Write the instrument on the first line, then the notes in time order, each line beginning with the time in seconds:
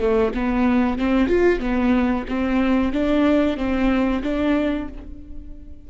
viola
0.00 A3
0.34 B3
0.98 C4
1.28 F4
1.60 B3
2.29 C4
2.93 D4
3.58 C4
4.23 D4